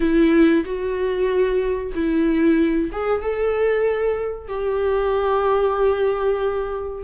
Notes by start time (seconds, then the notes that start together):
0.00 E4
0.65 F#4
1.94 E4
2.92 G#4
3.21 A4
4.47 G4